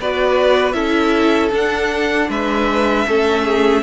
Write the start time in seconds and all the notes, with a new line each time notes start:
0.00 B3 F#4 B4 D5
0.72 C#4 E4 A4 E5
1.51 D4 F#5
2.29 G#3 B4 E5
3.07 A3 C#4 A4
3.44 G#4